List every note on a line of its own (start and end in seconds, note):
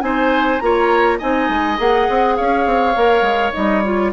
0.00 0.60 C4
0.00 0.58 D#4
0.00 0.62 C5
0.00 0.59 G#5
0.59 1.20 A#3
0.59 1.19 F4
0.59 1.18 C#5
0.59 1.17 A#5
1.18 1.48 C4
1.18 1.77 D#4
1.18 2.34 D#5
1.18 1.78 G#5
1.48 1.78 G#3
1.77 2.08 A#3
1.77 2.93 G#4
1.77 2.36 F#5
2.09 2.38 C4
2.36 2.66 C#4
2.36 4.11 C#5
2.36 3.52 F5
2.66 2.95 C4
2.96 3.21 A#3
2.96 3.53 A#4
3.21 3.50 G#3
3.53 4.13 G3
3.53 3.82 D#4
3.53 3.82 D#5
3.82 4.13 F4
3.82 4.11 C#5